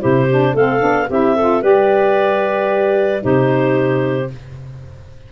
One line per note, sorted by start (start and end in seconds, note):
0.00 0.54 C3
0.00 0.27 E4
0.00 0.53 G4
0.00 0.54 C5
0.30 0.57 D4
0.53 0.80 A3
0.53 0.80 C4
0.53 1.07 A4
0.53 1.10 F5
0.80 1.08 B3
0.80 1.06 D4
1.09 1.62 C4
1.09 1.37 E4
1.09 1.35 G4
1.09 1.63 E5
1.35 1.61 F4
1.35 1.61 A4
1.61 3.23 G3
1.61 3.20 G4
1.61 3.22 B4
1.61 3.23 D5
3.20 4.31 C3
3.20 4.27 D#4
3.20 4.30 G4
3.20 4.30 C5